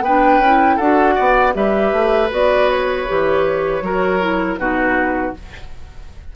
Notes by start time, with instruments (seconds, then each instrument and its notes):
0.00 bassoon B3, clarinet D4, oboe B4, flute G5
0.38 bassoon C#4
0.44 clarinet E4
0.76 bassoon D4, clarinet F#4, oboe A4, flute F#5
1.15 bassoon B3, oboe D5
1.53 bassoon G3, clarinet G4, oboe B4, flute E5
1.92 bassoon A3
2.30 bassoon B3, clarinet F#4, flute D5
2.70 flute C#5
3.06 bassoon E3, clarinet G4
3.81 bassoon F#3, clarinet F#4, oboe A#4
4.20 clarinet E4
4.57 bassoon B2, clarinet D#4, oboe F#4, flute B4